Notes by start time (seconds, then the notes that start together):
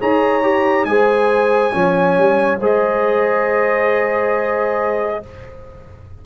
0.00 D#4 G#4 C#5 A#5
0.43 G4
0.85 G#3 G#4 C5 G#5
1.72 F3 C#4 C#5
2.18 G3
2.61 G#3 G#4 C5 D#5